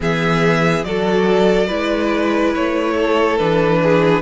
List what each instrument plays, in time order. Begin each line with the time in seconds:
0.00 cello E3, viola B3, violin G#4 E5
0.84 cello F#3, viola F#4, violin A4 D5
1.67 cello G#3, viola E4, violin B4
2.54 cello A3, violin C#5
2.94 violin A4
3.37 cello E3, viola D4, violin B4
3.82 violin G#4